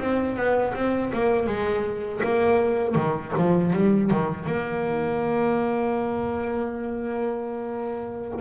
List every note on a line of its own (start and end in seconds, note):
0.00 0.36 C4
0.36 0.74 B3
0.75 1.12 C4
1.13 1.47 A#3
1.47 2.22 G#3
2.24 2.95 A#3
2.95 3.33 D#3
3.37 3.73 F3
3.73 4.11 G3
4.11 4.47 D#3
4.47 8.40 A#3